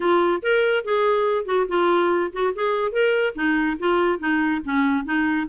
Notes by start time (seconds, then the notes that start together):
0.00 F4
0.42 A#4
0.84 G#4
1.45 F#4
1.68 F4
2.32 F#4
2.55 G#4
2.92 A#4
3.35 D#4
3.79 F4
4.19 D#4
4.65 C#4
5.05 D#4